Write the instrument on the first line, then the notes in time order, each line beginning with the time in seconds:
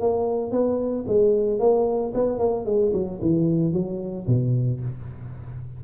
tuba
0.00 A#3
0.52 B3
1.07 G#3
1.59 A#3
2.14 B3
2.39 A#3
2.65 G#3
2.93 F#3
3.21 E3
3.73 F#3
4.27 B2